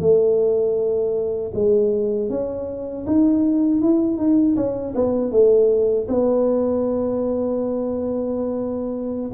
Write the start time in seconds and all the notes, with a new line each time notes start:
0.00 A3
1.54 G#3
2.29 C#4
3.06 D#4
3.81 E4
4.17 D#4
4.56 C#4
4.95 B3
5.32 A3
6.08 B3